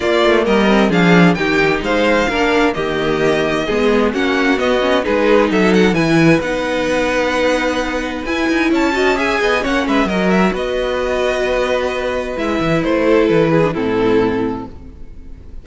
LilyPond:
<<
  \new Staff \with { instrumentName = "violin" } { \time 4/4 \tempo 4 = 131 d''4 dis''4 f''4 g''4 | f''2 dis''2~ | dis''4 fis''4 dis''4 b'4 | e''8 fis''8 gis''4 fis''2~ |
fis''2 gis''4 a''4 | gis''4 fis''8 e''8 dis''8 e''8 dis''4~ | dis''2. e''4 | c''4 b'4 a'2 | }
  \new Staff \with { instrumentName = "violin" } { \time 4/4 f'4 ais'4 gis'4 g'4 | c''4 ais'4 g'2 | gis'4 fis'2 gis'4 | a'4 b'2.~ |
b'2. cis''8 dis''8 | e''8 dis''8 cis''8 b'8 ais'4 b'4~ | b'1~ | b'8 a'4 gis'8 e'2 | }
  \new Staff \with { instrumentName = "viola" } { \time 4/4 ais4. c'8 d'4 dis'4~ | dis'4 d'4 ais2 | b4 cis'4 b8 cis'8 dis'4~ | dis'4 e'4 dis'2~ |
dis'2 e'4. fis'8 | gis'4 cis'4 fis'2~ | fis'2. e'4~ | e'4.~ e'16 d'16 c'2 | }
  \new Staff \with { instrumentName = "cello" } { \time 4/4 ais8 a8 g4 f4 dis4 | gis4 ais4 dis2 | gis4 ais4 b4 gis4 | fis4 e4 b2~ |
b2 e'8 dis'8 cis'4~ | cis'8 b8 ais8 gis8 fis4 b4~ | b2. gis8 e8 | a4 e4 a,2 | }
>>